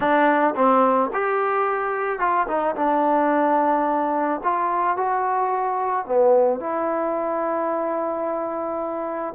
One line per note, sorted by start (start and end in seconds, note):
0.00 0.54 D4
0.55 1.10 C4
1.13 2.19 G4
2.19 2.46 F4
2.47 2.75 D#4
2.75 4.40 D4
4.43 4.96 F4
4.96 6.06 F#4
6.06 6.60 B3
6.60 9.34 E4